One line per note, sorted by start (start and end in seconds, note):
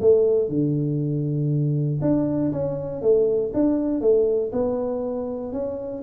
0.00 0.48 A3
0.48 2.00 D3
2.01 2.51 D4
2.52 3.01 C#4
3.01 3.52 A3
3.53 4.01 D4
4.01 4.51 A3
4.52 5.52 B3
5.52 6.03 C#4